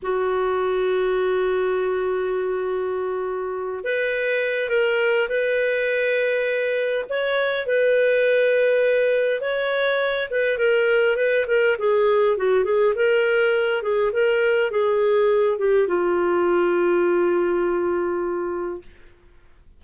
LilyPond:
\new Staff \with { instrumentName = "clarinet" } { \time 4/4 \tempo 4 = 102 fis'1~ | fis'2~ fis'8 b'4. | ais'4 b'2. | cis''4 b'2. |
cis''4. b'8 ais'4 b'8 ais'8 | gis'4 fis'8 gis'8 ais'4. gis'8 | ais'4 gis'4. g'8 f'4~ | f'1 | }